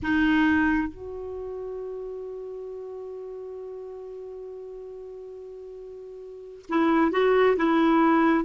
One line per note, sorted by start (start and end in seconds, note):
0.02 0.88 D#4
0.88 6.65 F#4
6.69 7.11 E4
7.11 7.56 F#4
7.56 8.44 E4